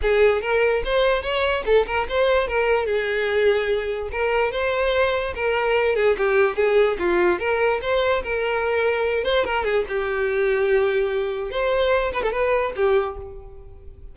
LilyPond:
\new Staff \with { instrumentName = "violin" } { \time 4/4 \tempo 4 = 146 gis'4 ais'4 c''4 cis''4 | a'8 ais'8 c''4 ais'4 gis'4~ | gis'2 ais'4 c''4~ | c''4 ais'4. gis'8 g'4 |
gis'4 f'4 ais'4 c''4 | ais'2~ ais'8 c''8 ais'8 gis'8 | g'1 | c''4. b'16 a'16 b'4 g'4 | }